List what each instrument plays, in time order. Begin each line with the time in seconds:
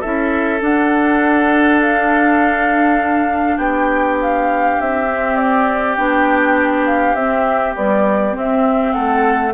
0.00 bassoon C#4, clarinet E4, oboe A4, flute E5
0.60 clarinet D4, bassoon D4, flute F#5
1.81 flute F5
3.57 bassoon B3, oboe G4, flute G5
4.22 flute F5
4.80 bassoon C4, flute E5
5.08 clarinet C4
5.36 flute D5
5.96 bassoon B3, clarinet D4, flute G5
6.86 flute F5
7.14 bassoon C4, clarinet C4, flute E5
7.76 clarinet G3, bassoon B3, flute D5
8.32 clarinet C4, bassoon C4, flute E5
8.93 bassoon A3, oboe A4, flute F#5